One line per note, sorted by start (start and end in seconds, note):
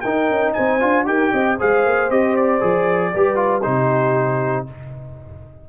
0.00 0.30 D#4
0.00 0.80 D#4
0.00 0.55 A#4
0.00 0.52 G5
0.30 0.56 C#4
0.53 0.82 C4
0.53 1.07 C5
0.53 1.05 G#5
0.80 1.06 D4
0.80 1.05 F4
1.05 1.32 D#4
1.05 1.56 G4
1.05 1.31 A#4
1.05 1.58 G5
1.31 1.59 C4
1.31 1.57 D#5
1.58 1.85 G#3
1.58 2.10 G#4
1.58 3.13 C5
1.58 2.10 F5
1.85 2.09 A#3
2.09 2.61 C4
2.09 2.60 G4
2.09 2.36 D#5
2.36 3.62 D5
2.60 3.14 F3
2.60 3.12 G#4
3.14 3.65 G3
3.14 3.35 G4
3.14 3.65 B4
3.35 3.61 F4
3.62 4.69 C3
3.62 4.66 D#4
3.62 4.69 G4
3.62 4.65 C5